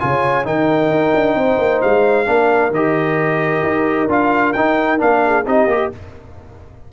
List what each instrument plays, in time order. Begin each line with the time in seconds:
0.00 tuba C#3, trombone F4, horn C#5, trumpet G#5
0.44 tuba D#3, trombone D#4, horn A#4, trumpet G5
0.91 tuba D#4
1.14 tuba D4
1.35 tuba C4, horn C5
1.58 tuba A#3
1.82 tuba G#3, trumpet F5
2.26 tuba A#3, trombone D4, horn A#4
2.71 tuba D#3, trombone G4, trumpet D#5
3.63 tuba D#4
4.09 tuba D4, trombone F4, trumpet F5
4.53 tuba D#4, trombone D#4, trumpet G5
4.98 tuba A#3, trombone D4, trumpet F5
5.26 horn G#4
5.46 tuba C4, trombone D#4, horn G4, trumpet D#5
5.67 tuba A#3, trombone G4